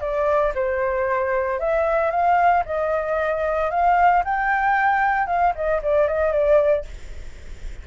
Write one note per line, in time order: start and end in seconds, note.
0.00 0.53 D5
0.55 1.59 C5
1.59 2.11 E5
2.11 2.63 F5
2.65 3.70 D#5
3.70 4.23 F5
4.24 5.27 G5
5.27 5.53 F5
5.55 5.81 D#5
5.82 6.07 D5
6.07 6.32 D#5
6.32 6.85 D5